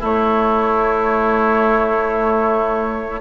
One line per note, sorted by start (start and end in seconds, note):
0.00 3.21 A3
0.00 3.20 E4
0.00 3.21 C#5